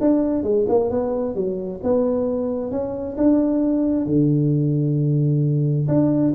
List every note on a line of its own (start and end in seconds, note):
0.00 0.43 D4
0.43 0.65 G#3
0.68 0.90 A#3
0.90 1.35 B3
1.35 1.80 F#3
1.83 2.71 B3
2.71 3.16 C#4
3.17 4.06 D4
4.06 5.87 D3
5.88 6.33 D4